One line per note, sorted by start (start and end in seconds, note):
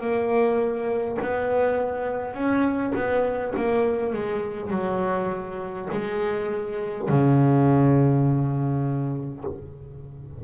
0.00 1.18 A#3
1.21 2.34 B3
2.34 2.93 C#4
2.95 3.53 B3
3.56 4.12 A#3
4.12 4.71 G#3
4.71 5.88 F#3
5.91 7.09 G#3
7.09 9.44 C#3